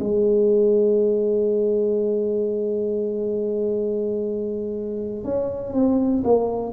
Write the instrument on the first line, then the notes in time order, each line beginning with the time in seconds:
tuba
0.00 G#3
5.24 C#4
5.74 C4
6.24 A#3